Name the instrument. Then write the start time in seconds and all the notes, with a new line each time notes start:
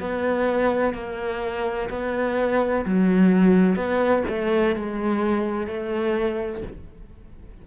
cello
0.00 B3
0.94 A#3
1.90 B3
2.86 F#3
3.76 B3
4.29 A3
4.76 G#3
5.67 A3